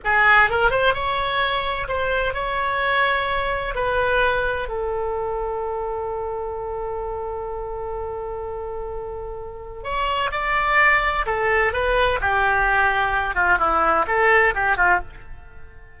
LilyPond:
\new Staff \with { instrumentName = "oboe" } { \time 4/4 \tempo 4 = 128 gis'4 ais'8 c''8 cis''2 | c''4 cis''2. | b'2 a'2~ | a'1~ |
a'1~ | a'4 cis''4 d''2 | a'4 b'4 g'2~ | g'8 f'8 e'4 a'4 g'8 f'8 | }